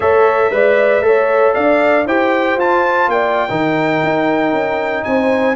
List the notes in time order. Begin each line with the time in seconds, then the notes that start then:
0.00 A3 A4 C#5 E5
0.50 G#3 B4 D5
1.01 A3 A4 C#5
1.53 D4 D5 F5
2.06 E4 G4 C5 G5
2.56 F4 A5
3.08 A#3 D5 G5
3.48 D#3 D#4 A#4
4.03 D#4
4.52 C#4
5.04 C4 C5 G#5